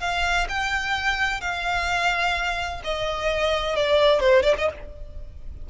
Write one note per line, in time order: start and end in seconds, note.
0.00 0.47 F5
0.49 1.41 G5
1.41 2.81 F5
2.84 3.76 D#5
3.76 4.20 D5
4.20 4.43 C5
4.43 4.54 D5
4.58 4.70 D#5